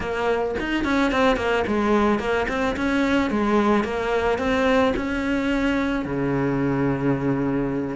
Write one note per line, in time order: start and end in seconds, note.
0.00 0.55 A#3
0.59 0.84 D#4
0.84 1.11 C#4
1.11 1.36 C4
1.36 1.64 A#3
1.67 2.19 G#3
2.19 2.46 A#3
2.48 2.75 C4
2.76 3.30 C#4
3.30 3.84 G#3
3.84 4.38 A#3
4.38 4.93 C4
4.95 6.05 C#4
6.05 7.96 C#3